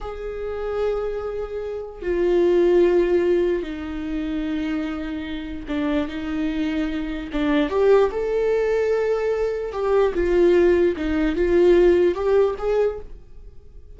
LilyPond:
\new Staff \with { instrumentName = "viola" } { \time 4/4 \tempo 4 = 148 gis'1~ | gis'4 f'2.~ | f'4 dis'2.~ | dis'2 d'4 dis'4~ |
dis'2 d'4 g'4 | a'1 | g'4 f'2 dis'4 | f'2 g'4 gis'4 | }